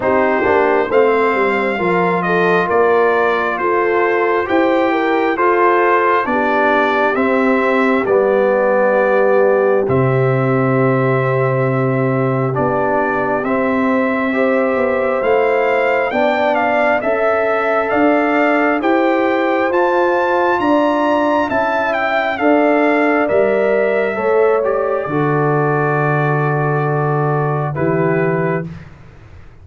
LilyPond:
<<
  \new Staff \with { instrumentName = "trumpet" } { \time 4/4 \tempo 4 = 67 c''4 f''4. dis''8 d''4 | c''4 g''4 c''4 d''4 | e''4 d''2 e''4~ | e''2 d''4 e''4~ |
e''4 f''4 g''8 f''8 e''4 | f''4 g''4 a''4 ais''4 | a''8 g''8 f''4 e''4. d''8~ | d''2. b'4 | }
  \new Staff \with { instrumentName = "horn" } { \time 4/4 g'4 c''4 ais'8 a'8 ais'4 | a'4 c''8 ais'8 a'4 g'4~ | g'1~ | g'1 |
c''2 d''4 e''4 | d''4 c''2 d''4 | e''4 d''2 cis''4 | a'2. g'4 | }
  \new Staff \with { instrumentName = "trombone" } { \time 4/4 dis'8 d'8 c'4 f'2~ | f'4 g'4 f'4 d'4 | c'4 b2 c'4~ | c'2 d'4 c'4 |
g'4 e'4 d'4 a'4~ | a'4 g'4 f'2 | e'4 a'4 ais'4 a'8 g'8 | fis'2. e'4 | }
  \new Staff \with { instrumentName = "tuba" } { \time 4/4 c'8 ais8 a8 g8 f4 ais4 | f'4 e'4 f'4 b4 | c'4 g2 c4~ | c2 b4 c'4~ |
c'8 b8 a4 b4 cis'4 | d'4 e'4 f'4 d'4 | cis'4 d'4 g4 a4 | d2. e4 | }
>>